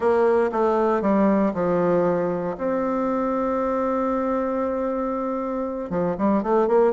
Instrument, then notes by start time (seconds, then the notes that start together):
bassoon
0.00 A#3
0.52 A3
1.01 G3
1.54 F3
2.57 C4
5.90 F3
6.17 G3
6.42 A3
6.67 A#3